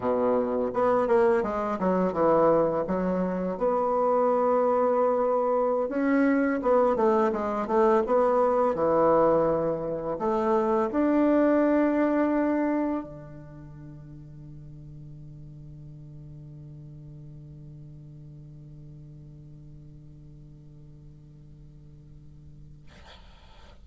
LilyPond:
\new Staff \with { instrumentName = "bassoon" } { \time 4/4 \tempo 4 = 84 b,4 b8 ais8 gis8 fis8 e4 | fis4 b2.~ | b16 cis'4 b8 a8 gis8 a8 b8.~ | b16 e2 a4 d'8.~ |
d'2~ d'16 d4.~ d16~ | d1~ | d1~ | d1 | }